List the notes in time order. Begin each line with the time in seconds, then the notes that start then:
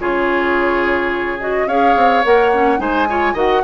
0.00 C#3 F4 G#4 C#5
1.40 F#4 D#5
1.67 C#4 G#4 C#5 F5
1.96 C4
2.25 A#3 A#4 F#5
2.53 C#4
2.78 G#3 D#4 C5 G#5
3.09 F4 C#5
3.34 D#3 F#4 D#5 F#5